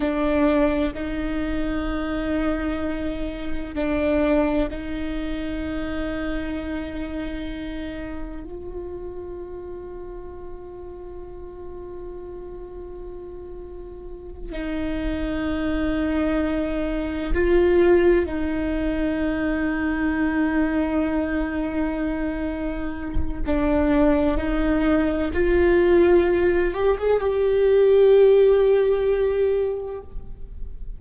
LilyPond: \new Staff \with { instrumentName = "viola" } { \time 4/4 \tempo 4 = 64 d'4 dis'2. | d'4 dis'2.~ | dis'4 f'2.~ | f'2.~ f'8 dis'8~ |
dis'2~ dis'8 f'4 dis'8~ | dis'1~ | dis'4 d'4 dis'4 f'4~ | f'8 g'16 gis'16 g'2. | }